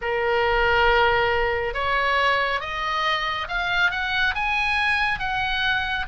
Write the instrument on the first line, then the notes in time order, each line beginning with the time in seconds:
oboe
0.01 A#4
1.74 C#5
2.60 D#5
3.47 F5
3.91 F#5
4.34 G#5
5.19 F#5